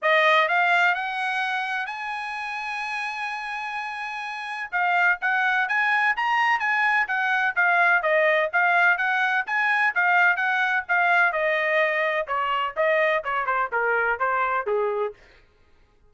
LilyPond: \new Staff \with { instrumentName = "trumpet" } { \time 4/4 \tempo 4 = 127 dis''4 f''4 fis''2 | gis''1~ | gis''2 f''4 fis''4 | gis''4 ais''4 gis''4 fis''4 |
f''4 dis''4 f''4 fis''4 | gis''4 f''4 fis''4 f''4 | dis''2 cis''4 dis''4 | cis''8 c''8 ais'4 c''4 gis'4 | }